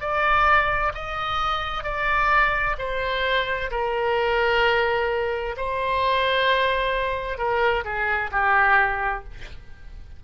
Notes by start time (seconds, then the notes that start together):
0.00 D5
0.94 D#5
1.83 D5
2.78 C5
3.70 A#4
5.56 C5
7.38 A#4
7.84 G#4
8.32 G4